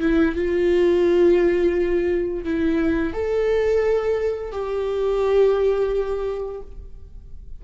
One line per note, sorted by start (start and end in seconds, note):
0.00 0.35 E4
0.35 2.44 F4
2.44 3.13 E4
3.13 4.52 A4
4.52 6.61 G4